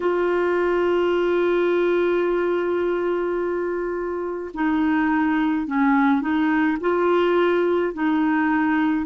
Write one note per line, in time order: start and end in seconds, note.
0.00 4.51 F4
4.54 5.67 D#4
5.67 6.21 C#4
6.21 6.77 D#4
6.80 7.93 F4
7.93 9.06 D#4